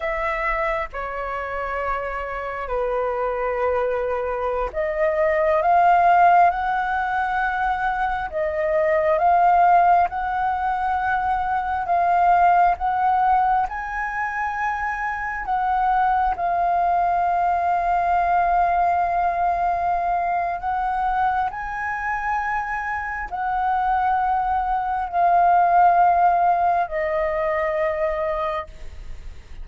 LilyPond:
\new Staff \with { instrumentName = "flute" } { \time 4/4 \tempo 4 = 67 e''4 cis''2 b'4~ | b'4~ b'16 dis''4 f''4 fis''8.~ | fis''4~ fis''16 dis''4 f''4 fis''8.~ | fis''4~ fis''16 f''4 fis''4 gis''8.~ |
gis''4~ gis''16 fis''4 f''4.~ f''16~ | f''2. fis''4 | gis''2 fis''2 | f''2 dis''2 | }